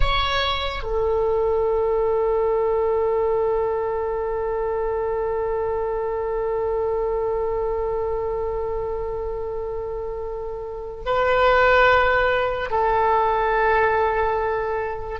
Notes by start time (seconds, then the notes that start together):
0.00 C#5
0.83 A4
11.05 B4
12.70 A4